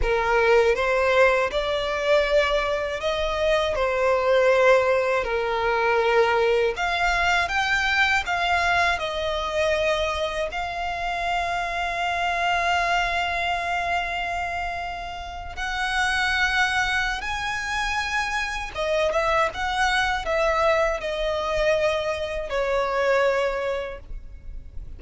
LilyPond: \new Staff \with { instrumentName = "violin" } { \time 4/4 \tempo 4 = 80 ais'4 c''4 d''2 | dis''4 c''2 ais'4~ | ais'4 f''4 g''4 f''4 | dis''2 f''2~ |
f''1~ | f''8. fis''2~ fis''16 gis''4~ | gis''4 dis''8 e''8 fis''4 e''4 | dis''2 cis''2 | }